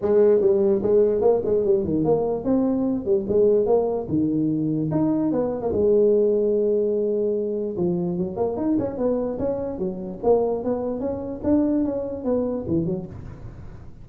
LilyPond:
\new Staff \with { instrumentName = "tuba" } { \time 4/4 \tempo 4 = 147 gis4 g4 gis4 ais8 gis8 | g8 dis8 ais4 c'4. g8 | gis4 ais4 dis2 | dis'4 b8. ais16 gis2~ |
gis2. f4 | fis8 ais8 dis'8 cis'8 b4 cis'4 | fis4 ais4 b4 cis'4 | d'4 cis'4 b4 e8 fis8 | }